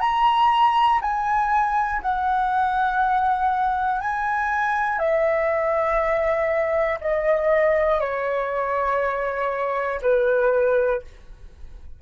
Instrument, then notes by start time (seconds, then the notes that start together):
flute
0.00 A#5
1.01 G#5
2.02 F#5
4.00 G#5
4.99 E5
7.00 D#5
8.00 C#5
10.02 B4